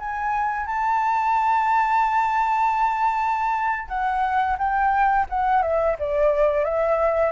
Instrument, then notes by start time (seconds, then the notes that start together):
flute
0.00 G#5
0.67 A5
3.89 F#5
4.58 G5
5.30 F#5
5.62 E5
5.99 D5
6.64 E5